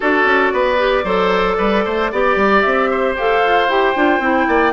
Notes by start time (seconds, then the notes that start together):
0.00 D4 F#4 A4 D5
0.25 C#4
0.52 B3 B4
0.78 G4
1.04 F#3 A4 C5
1.57 G3 B4
1.84 A3 C5
2.11 B3 G4 D5
2.36 G3
2.61 C4 E5
2.90 C5
3.15 G4 A4 F5
3.43 F4
3.68 E4 G4 G5
3.95 D4 F4
4.19 C4 E4
4.47 A#3 D5